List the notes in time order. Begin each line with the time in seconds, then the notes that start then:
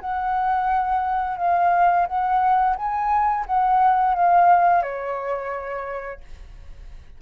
0.00 F#5
1.37 F5
2.06 F#5
2.76 G#5
3.46 F#5
4.14 F5
4.82 C#5